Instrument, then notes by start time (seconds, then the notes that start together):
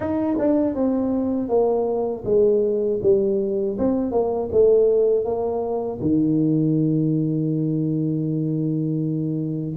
tuba
0.00 D#4
0.38 D4
0.74 C4
1.48 A#3
2.25 G#3
3.02 G3
3.78 C4
4.11 A#3
4.52 A3
5.24 A#3
6.00 D#3